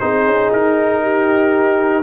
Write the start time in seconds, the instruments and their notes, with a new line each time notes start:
0.00 tuba C4, trombone D#4, horn G#4, trumpet C5
0.26 tuba C#4
0.53 tuba D#4, trumpet A#4
1.02 horn G4